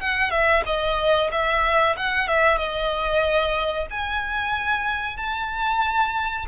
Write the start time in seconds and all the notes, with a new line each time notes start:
0.00 F#5
0.30 E5
0.66 D#5
1.31 E5
1.96 F#5
2.27 E5
2.57 D#5
3.90 G#5
5.16 A5